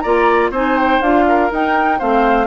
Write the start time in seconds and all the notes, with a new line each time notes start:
0.00 A#3 F4 D5 A#5
0.51 C4 D#4 C5 G#5
0.78 G5
1.02 D4 F4 F5
1.28 A#4
1.51 D#4 G5
1.99 A3 C4 C5 F5